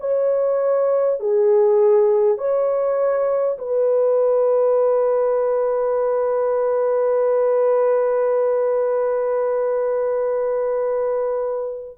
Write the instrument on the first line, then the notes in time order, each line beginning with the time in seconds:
horn
0.00 C#5
1.20 G#4
2.37 C#5
3.58 B4